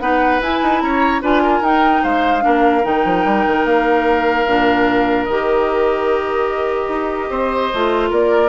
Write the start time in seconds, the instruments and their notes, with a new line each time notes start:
0.00 bassoon B3, clarinet D#4, oboe B4, flute F#5
0.41 bassoon E4, clarinet E4, flute G#5
0.63 bassoon D#4
0.81 bassoon C#4, oboe C#5, flute A#5
1.22 bassoon D4, clarinet F4, oboe B4, flute G#5
1.43 oboe A#4
1.61 bassoon D#4, clarinet D#4, flute G5
2.03 bassoon G#3, oboe C5, flute F5
2.41 bassoon A#3, clarinet D4, oboe A#4
2.84 bassoon D#3, clarinet D#4, flute G5
3.05 bassoon F3
3.25 bassoon G3
3.48 bassoon D#3
3.65 bassoon A#3, flute F5
4.47 bassoon A#2, clarinet D4
5.25 bassoon D#3, clarinet G4, flute D#5
6.88 bassoon D#4
7.30 bassoon C4, oboe C5
7.74 bassoon A3, clarinet F4
8.10 bassoon A#3, oboe A#4, flute D5